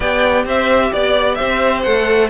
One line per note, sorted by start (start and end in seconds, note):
0.00 0.45 B3
0.00 1.85 G4
0.00 0.45 D5
0.00 0.45 G5
0.45 0.91 C4
0.45 0.92 C5
0.45 0.92 E5
0.92 1.39 B3
0.92 1.34 D5
0.92 1.37 D5
1.34 1.85 C4
1.34 2.29 C5
1.34 1.80 E5
1.82 2.30 A3
1.82 2.30 A4
1.82 2.29 F#5